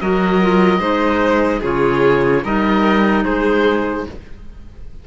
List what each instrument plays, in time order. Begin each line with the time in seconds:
0.00 cello F#3, clarinet F#4, violin A#4, oboe D#5
0.41 clarinet F4
0.79 cello G#3, clarinet D#4, violin C5
1.59 cello C#3, clarinet F4, violin G#4, oboe C#5
2.43 cello G3, clarinet D#4, violin A#4, oboe D#5
3.24 cello G#3, violin G#4, oboe C5